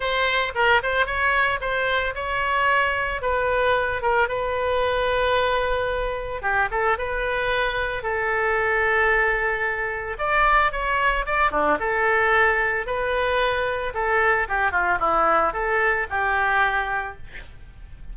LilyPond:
\new Staff \with { instrumentName = "oboe" } { \time 4/4 \tempo 4 = 112 c''4 ais'8 c''8 cis''4 c''4 | cis''2 b'4. ais'8 | b'1 | g'8 a'8 b'2 a'4~ |
a'2. d''4 | cis''4 d''8 d'8 a'2 | b'2 a'4 g'8 f'8 | e'4 a'4 g'2 | }